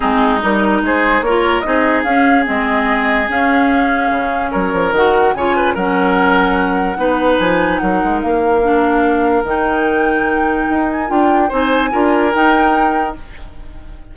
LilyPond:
<<
  \new Staff \with { instrumentName = "flute" } { \time 4/4 \tempo 4 = 146 gis'4 ais'4 c''4 cis''4 | dis''4 f''4 dis''2 | f''2. cis''4 | fis''4 gis''4 fis''2~ |
fis''2 gis''4 fis''4 | f''2. g''4~ | g''2~ g''8 gis''8 g''4 | gis''2 g''2 | }
  \new Staff \with { instrumentName = "oboe" } { \time 4/4 dis'2 gis'4 ais'4 | gis'1~ | gis'2. ais'4~ | ais'4 cis''8 b'8 ais'2~ |
ais'4 b'2 ais'4~ | ais'1~ | ais'1 | c''4 ais'2. | }
  \new Staff \with { instrumentName = "clarinet" } { \time 4/4 c'4 dis'2 f'4 | dis'4 cis'4 c'2 | cis'1 | fis'4 f'4 cis'2~ |
cis'4 dis'2.~ | dis'4 d'2 dis'4~ | dis'2. f'4 | dis'4 f'4 dis'2 | }
  \new Staff \with { instrumentName = "bassoon" } { \time 4/4 gis4 g4 gis4 ais4 | c'4 cis'4 gis2 | cis'2 cis4 fis8 f8 | dis4 cis4 fis2~ |
fis4 b4 f4 fis8 gis8 | ais2. dis4~ | dis2 dis'4 d'4 | c'4 d'4 dis'2 | }
>>